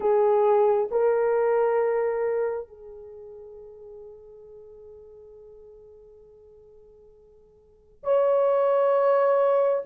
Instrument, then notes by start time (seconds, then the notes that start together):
horn
0.00 G#4
0.91 A#4
2.67 G#4
8.03 C#5